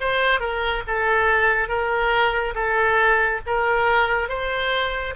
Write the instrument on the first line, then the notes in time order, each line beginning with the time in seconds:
oboe
0.00 C5
0.40 A#4
0.87 A4
1.68 A#4
2.54 A4
3.46 A#4
4.29 C5